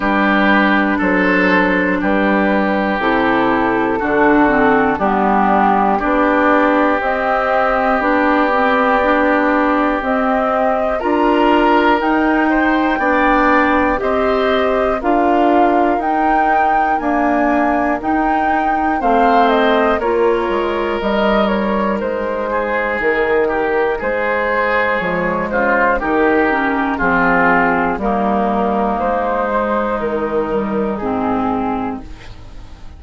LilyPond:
<<
  \new Staff \with { instrumentName = "flute" } { \time 4/4 \tempo 4 = 60 b'4 c''4 b'4 a'4~ | a'4 g'4 d''4 dis''4 | d''2 dis''4 ais''4 | g''2 dis''4 f''4 |
g''4 gis''4 g''4 f''8 dis''8 | cis''4 dis''8 cis''8 c''4 ais'4 | c''4 cis''8 c''8 ais'4 gis'4 | ais'4 c''4 ais'4 gis'4 | }
  \new Staff \with { instrumentName = "oboe" } { \time 4/4 g'4 a'4 g'2 | fis'4 d'4 g'2~ | g'2. ais'4~ | ais'8 c''8 d''4 c''4 ais'4~ |
ais'2. c''4 | ais'2~ ais'8 gis'4 g'8 | gis'4. f'8 g'4 f'4 | dis'1 | }
  \new Staff \with { instrumentName = "clarinet" } { \time 4/4 d'2. e'4 | d'8 c'8 b4 d'4 c'4 | d'8 c'8 d'4 c'4 f'4 | dis'4 d'4 g'4 f'4 |
dis'4 ais4 dis'4 c'4 | f'4 dis'2.~ | dis'4 gis4 dis'8 cis'8 c'4 | ais4. gis4 g8 c'4 | }
  \new Staff \with { instrumentName = "bassoon" } { \time 4/4 g4 fis4 g4 c4 | d4 g4 b4 c'4 | b2 c'4 d'4 | dis'4 b4 c'4 d'4 |
dis'4 d'4 dis'4 a4 | ais8 gis8 g4 gis4 dis4 | gis4 f8 cis8 dis4 f4 | g4 gis4 dis4 gis,4 | }
>>